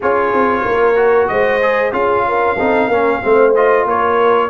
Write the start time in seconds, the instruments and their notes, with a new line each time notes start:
0.00 tuba C#4, trombone F4, horn G#4, trumpet C#5
0.32 tuba C4
0.65 tuba A#3, horn A#4
0.95 trombone F#4
1.27 tuba G#3, horn C5, trumpet D#5
1.61 trombone G#4
1.92 tuba C#4, trombone F4, horn G#4, trumpet F5
2.27 horn A#4
2.57 tuba C4, trombone D#4, horn A4
2.88 tuba A#3, trombone C#4, horn A#4
3.22 tuba A3, trombone C4, horn C5
3.54 trombone F4, trumpet D#5
3.85 tuba A#3, horn A#4, trumpet C#5